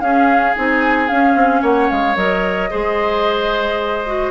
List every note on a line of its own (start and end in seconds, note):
0.00 0.54 C#4
0.00 0.55 C#4
0.00 1.62 G#4
0.00 0.54 F5
0.55 1.10 C4
0.55 1.09 D#4
0.55 1.08 G#5
1.08 2.16 C#4
1.08 1.35 C#4
1.08 1.62 F5
1.35 1.62 C4
1.62 1.89 A#3
1.62 2.70 C#5
1.62 1.90 F#5
1.90 2.16 G#3
1.90 2.16 F5
2.16 2.70 F#3
2.16 2.70 A#4
2.16 4.31 D#5
2.70 4.31 G#3
2.70 4.05 G#4
2.70 4.31 C5
4.06 4.31 F#4